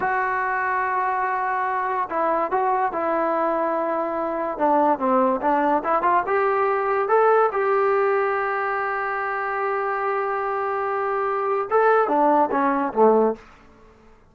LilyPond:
\new Staff \with { instrumentName = "trombone" } { \time 4/4 \tempo 4 = 144 fis'1~ | fis'4 e'4 fis'4 e'4~ | e'2. d'4 | c'4 d'4 e'8 f'8 g'4~ |
g'4 a'4 g'2~ | g'1~ | g'1 | a'4 d'4 cis'4 a4 | }